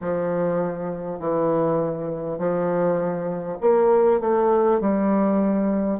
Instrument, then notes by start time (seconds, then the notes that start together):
bassoon
0.00 F3
1.19 E3
2.38 F3
3.61 A#3
4.20 A3
4.80 G3